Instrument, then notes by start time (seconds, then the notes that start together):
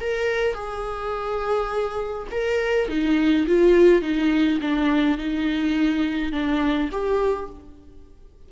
viola
0.00 A#4
0.54 G#4
2.31 A#4
2.88 D#4
3.47 F4
4.02 D#4
4.61 D4
5.18 D#4
6.32 D4
6.92 G4